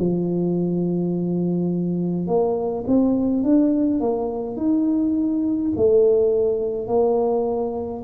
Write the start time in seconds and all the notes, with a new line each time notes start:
0.00 F3
2.27 A#3
2.87 C4
3.44 D4
4.01 A#3
4.57 D#4
5.76 A3
6.88 A#3